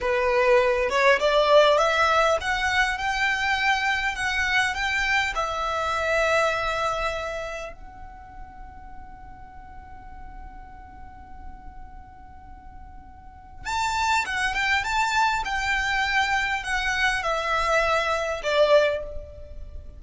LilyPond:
\new Staff \with { instrumentName = "violin" } { \time 4/4 \tempo 4 = 101 b'4. cis''8 d''4 e''4 | fis''4 g''2 fis''4 | g''4 e''2.~ | e''4 fis''2.~ |
fis''1~ | fis''2. a''4 | fis''8 g''8 a''4 g''2 | fis''4 e''2 d''4 | }